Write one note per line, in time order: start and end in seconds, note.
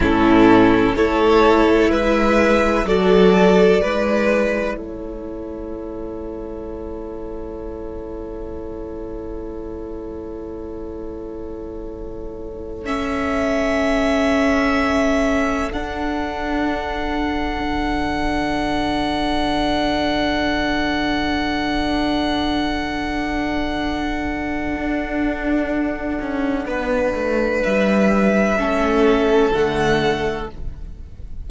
0.00 0.92 A2
0.00 0.96 C#4
0.00 0.94 E4
0.00 0.95 A4
0.95 1.89 A3
0.95 2.86 E4
0.95 1.90 A4
0.95 1.90 C#5
1.89 2.85 G#3
1.89 2.85 B4
1.89 2.87 E5
2.85 3.80 F#3
2.85 3.81 F#4
2.85 3.81 A4
2.85 4.76 D5
3.81 4.73 G#3
3.81 12.85 E4
3.81 4.76 B4
4.73 15.69 A3
4.73 26.67 A4
4.73 12.86 C#5
12.85 15.71 C#4
12.85 15.71 E5
15.72 28.57 D4
15.72 17.60 D4
15.72 27.63 F#5
17.60 24.74 D3
24.75 26.18 D4
26.20 26.66 C#4
26.66 27.13 B3
26.66 28.57 B4
27.14 27.61 A3
27.63 28.58 G3
27.63 29.52 E5
28.57 29.51 A3
28.57 29.52 C#4
28.57 30.50 A4
29.51 30.47 D3
29.51 30.48 A3
29.51 30.47 F#5